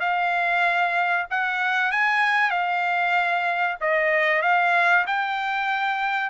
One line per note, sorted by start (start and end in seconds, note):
0.00 1.26 F5
1.30 1.91 F#5
1.91 2.51 G#5
2.51 3.77 F5
3.81 4.42 D#5
4.42 5.05 F5
5.07 6.30 G5